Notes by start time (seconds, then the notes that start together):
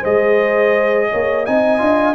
0.00 G#3 G#4 C5 D#5
1.10 A#3 C#5
1.46 C4 D#4 D#5 G#5
1.78 D4 F4